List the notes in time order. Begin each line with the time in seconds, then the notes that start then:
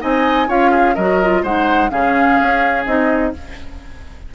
0.00 C4 D#4 D#5 G#5
0.48 C#4 F4 C#5 F5
0.71 G#4
0.95 F#3 F#4 A#4 D#5
1.22 F4
1.43 G#3 D#4 C5 F#5
1.90 C#3 C#4 G#4 F5
2.41 C#4
2.86 C4 D#4 D#5